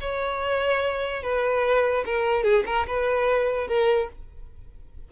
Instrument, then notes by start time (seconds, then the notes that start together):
violin
0.00 C#5
1.22 B4
2.05 A#4
2.43 G#4
2.66 A#4
2.87 B4
3.67 A#4